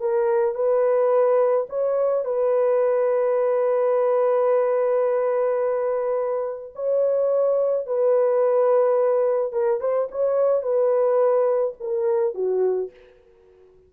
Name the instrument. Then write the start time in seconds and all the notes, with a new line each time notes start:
horn
0.00 A#4
0.55 B4
1.69 C#5
2.25 B4
6.75 C#5
7.87 B4
9.53 A#4
9.81 C5
10.12 C#5
10.63 B4
11.80 A#4
12.34 F#4